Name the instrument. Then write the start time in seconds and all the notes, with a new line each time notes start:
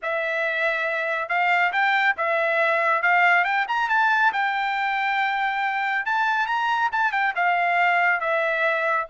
trumpet
0.02 E5
1.28 F5
1.72 G5
2.17 E5
3.02 F5
3.44 G5
3.67 A#5
3.89 A5
4.32 G5
6.05 A5
6.46 A#5
6.92 A5
7.12 G5
7.35 F5
8.20 E5